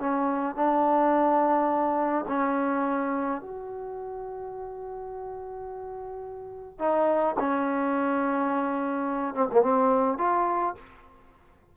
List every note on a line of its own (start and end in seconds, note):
0.00 0.56 C#4
0.56 2.26 D4
2.28 3.41 C#4
3.41 6.79 F#4
6.79 7.36 D#4
7.39 9.35 C#4
9.35 9.49 C4
9.52 9.63 A#3
9.63 10.18 C4
10.18 10.75 F4